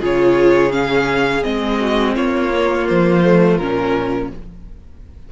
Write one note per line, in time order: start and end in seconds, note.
0.00 1.43 C#3
0.00 0.70 F4
0.00 1.79 G#4
0.00 0.72 C#5
0.70 1.41 C#4
0.70 1.43 F5
1.43 2.16 G#3
1.43 2.50 C4
1.43 2.15 D#5
1.80 2.14 F#4
2.14 2.87 A#3
2.14 4.29 F4
2.14 2.87 C#5
2.53 3.24 A#3
2.88 3.58 F3
2.88 3.57 C5
3.24 3.60 A3
3.57 4.30 A#2
3.57 4.32 C#4
3.57 4.28 A#4